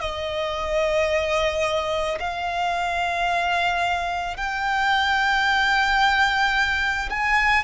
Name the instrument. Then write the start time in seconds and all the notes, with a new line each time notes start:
violin
0.00 D#5
2.19 F5
4.36 G5
7.10 G#5